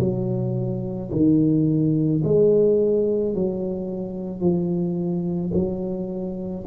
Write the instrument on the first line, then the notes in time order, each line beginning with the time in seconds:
tuba
0.00 F#3
1.12 D#3
2.24 G#3
3.35 F#3
4.41 F3
5.55 F#3